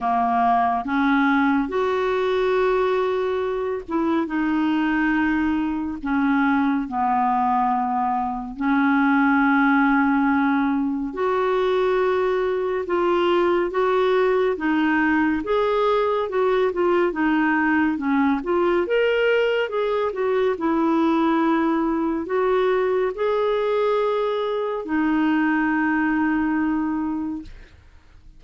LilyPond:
\new Staff \with { instrumentName = "clarinet" } { \time 4/4 \tempo 4 = 70 ais4 cis'4 fis'2~ | fis'8 e'8 dis'2 cis'4 | b2 cis'2~ | cis'4 fis'2 f'4 |
fis'4 dis'4 gis'4 fis'8 f'8 | dis'4 cis'8 f'8 ais'4 gis'8 fis'8 | e'2 fis'4 gis'4~ | gis'4 dis'2. | }